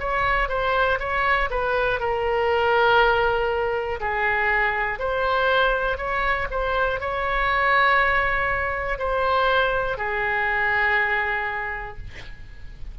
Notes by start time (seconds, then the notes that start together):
0.00 C#5
0.49 C5
1.00 C#5
1.50 B4
2.00 A#4
4.00 G#4
4.99 C5
5.98 C#5
6.51 C5
7.00 C#5
8.99 C5
9.98 G#4